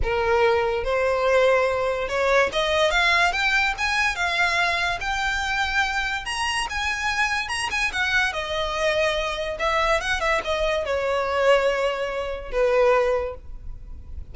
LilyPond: \new Staff \with { instrumentName = "violin" } { \time 4/4 \tempo 4 = 144 ais'2 c''2~ | c''4 cis''4 dis''4 f''4 | g''4 gis''4 f''2 | g''2. ais''4 |
gis''2 ais''8 gis''8 fis''4 | dis''2. e''4 | fis''8 e''8 dis''4 cis''2~ | cis''2 b'2 | }